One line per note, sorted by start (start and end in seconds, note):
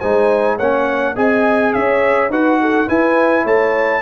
0.00 0.60 G#3
0.00 0.60 D#4
0.00 0.57 C5
0.00 0.57 G#5
0.57 1.17 A#3
0.57 1.16 C#4
0.57 1.14 C#5
0.57 1.16 F#5
1.14 1.74 C4
1.14 2.30 G#4
1.14 1.72 D#5
1.14 1.73 G#5
1.73 2.30 C#4
1.73 2.31 C#5
1.73 2.31 E5
2.30 2.87 D#4
2.30 2.88 F#4
2.30 2.60 B4
2.30 2.89 F#5
2.61 2.87 A4
2.87 4.02 E4
2.87 3.45 E4
2.87 3.44 B4
2.87 3.46 G#5
3.44 4.02 A3
3.44 4.01 C#5
3.44 4.02 A5